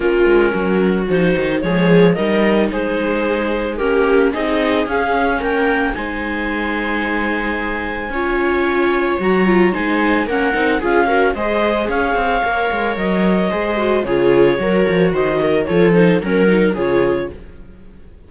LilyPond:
<<
  \new Staff \with { instrumentName = "clarinet" } { \time 4/4 \tempo 4 = 111 ais'2 c''4 cis''4 | dis''4 c''2 ais'4 | dis''4 f''4 g''4 gis''4~ | gis''1~ |
gis''4 ais''4 gis''4 fis''4 | f''4 dis''4 f''2 | dis''2 cis''2 | dis''4 cis''8 c''8 ais'4 cis''4 | }
  \new Staff \with { instrumentName = "viola" } { \time 4/4 f'4 fis'2 gis'4 | ais'4 gis'2 g'4 | gis'2 ais'4 c''4~ | c''2. cis''4~ |
cis''2 c''4 ais'4 | gis'8 ais'8 c''4 cis''2~ | cis''4 c''4 gis'4 ais'4 | c''8 ais'8 a'4 ais'4 gis'4 | }
  \new Staff \with { instrumentName = "viola" } { \time 4/4 cis'2 dis'4 gis4 | dis'2. cis'4 | dis'4 cis'2 dis'4~ | dis'2. f'4~ |
f'4 fis'8 f'8 dis'4 cis'8 dis'8 | f'8 fis'8 gis'2 ais'4~ | ais'4 gis'8 fis'8 f'4 fis'4~ | fis'4 f'8 dis'8 cis'8 dis'8 f'4 | }
  \new Staff \with { instrumentName = "cello" } { \time 4/4 ais8 gis8 fis4 f8 dis8 f4 | g4 gis2 ais4 | c'4 cis'4 ais4 gis4~ | gis2. cis'4~ |
cis'4 fis4 gis4 ais8 c'8 | cis'4 gis4 cis'8 c'8 ais8 gis8 | fis4 gis4 cis4 fis8 f8 | dis4 f4 fis4 cis4 | }
>>